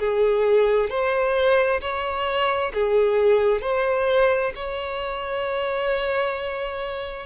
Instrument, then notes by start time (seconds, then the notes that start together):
violin
0.00 G#4
0.90 C5
1.82 C#5
2.74 G#4
3.62 C5
4.56 C#5